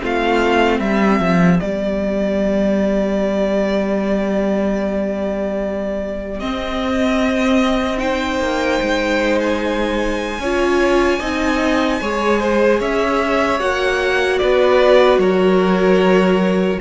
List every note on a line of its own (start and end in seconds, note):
0.00 0.80 A3
0.00 1.60 C4
0.00 0.79 F4
0.00 0.80 F5
0.79 1.20 G3
0.79 7.99 G4
0.79 1.60 E5
1.20 1.60 F3
1.60 6.43 G3
1.60 6.40 B3
1.60 6.40 D5
6.40 7.98 C4
6.40 8.40 C4
6.40 7.99 D#5
7.98 10.38 D#4
7.98 10.41 C5
7.98 9.39 G5
8.40 8.80 A#3
8.82 10.39 G#3
9.41 12.81 G#5
10.39 11.19 C#4
10.39 11.21 F4
10.39 11.20 C#5
11.20 12.01 C4
11.20 12.01 D#4
11.20 12.00 D#5
12.01 12.81 G#3
12.01 13.60 G#4
12.01 12.40 C#5
12.40 12.80 C5
12.80 13.60 C#4
12.80 14.40 C#5
12.80 13.60 E5
13.60 14.40 A#3
13.60 16.80 F#4
13.60 14.39 F#5
14.39 15.18 B3
14.39 15.20 B4
14.39 15.19 D5
15.18 16.78 F#3
15.18 16.80 A#4
15.18 16.80 C#5